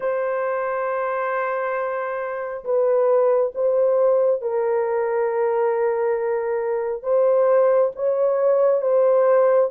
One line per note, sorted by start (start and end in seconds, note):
0.00 2.64 C5
2.64 3.53 B4
3.55 4.41 C5
4.41 7.02 A#4
7.02 7.91 C5
7.95 8.81 C#5
8.81 9.69 C5